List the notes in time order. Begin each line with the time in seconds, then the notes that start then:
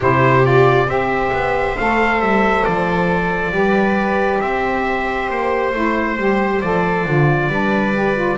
0.00 C3 E4 G4 C5
0.42 F4 D5
0.87 C4 G4 C5 E5
1.32 B3
1.77 A3 A4 F5
2.20 G3 E5
2.64 F3 D5
3.51 G3 G4 B4
4.40 C4 C5 E5
5.29 A#3 C5
5.72 A3 E4
6.17 G3 G4
6.61 F3 A4 D5
7.06 D3 F4
7.48 G3 D4 B4
7.94 G4
8.15 F4